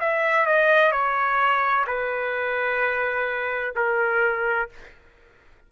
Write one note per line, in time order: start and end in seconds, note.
0.00 0.46 E5
0.46 0.92 D#5
0.92 1.85 C#5
1.87 3.75 B4
3.76 4.70 A#4